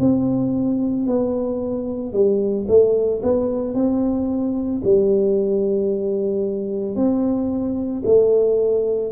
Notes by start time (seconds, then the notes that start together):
0.00 C4
1.07 B3
2.13 G3
2.68 A3
3.23 B3
3.75 C4
4.84 G3
6.96 C4
8.06 A3